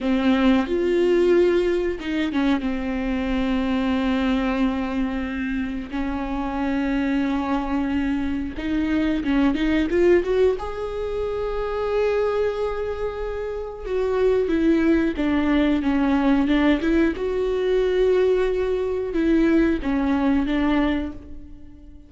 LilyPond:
\new Staff \with { instrumentName = "viola" } { \time 4/4 \tempo 4 = 91 c'4 f'2 dis'8 cis'8 | c'1~ | c'4 cis'2.~ | cis'4 dis'4 cis'8 dis'8 f'8 fis'8 |
gis'1~ | gis'4 fis'4 e'4 d'4 | cis'4 d'8 e'8 fis'2~ | fis'4 e'4 cis'4 d'4 | }